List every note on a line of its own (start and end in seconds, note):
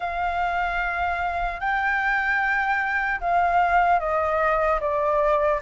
0.00 1.60 F5
1.60 3.20 G5
3.20 3.99 F5
3.99 4.79 D#5
4.80 5.60 D5